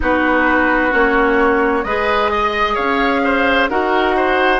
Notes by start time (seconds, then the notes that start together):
0.00 B3 D#4 F#4 B4
0.90 A#3 C#4 C#5
1.84 G#3 G#4 B4 D#5
2.31 D#5
2.74 C#4 C#5 F5
3.24 C5
3.69 D#4 F#4 A#4 F#5
4.16 C5